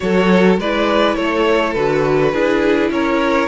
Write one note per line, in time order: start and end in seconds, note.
0.00 0.58 F#3
0.00 0.57 F#4
0.00 0.59 A4
0.00 0.56 C#5
0.58 1.16 G#3
0.58 1.76 E4
0.58 1.16 B4
0.58 1.15 D5
1.15 1.75 A3
1.15 2.32 A4
1.15 1.73 C#5
1.73 2.33 D3
1.73 2.33 F#4
1.73 2.89 B4
2.32 2.90 D4
2.32 3.48 E4
2.32 2.91 G#4
2.90 3.48 C#4
2.90 3.48 A#4
2.90 3.48 C#5